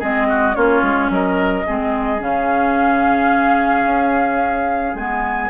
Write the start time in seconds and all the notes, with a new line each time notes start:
0.00 G#3 C4 G#4 D#5
0.29 F#4
0.54 A#3 C#4 F4 C#5
0.83 G#3
1.10 F#3 A#4 D#5
1.66 G#3 C4 G#4
2.19 C#3 C#4 F5
3.86 C#4
4.95 G#3 B3 G#5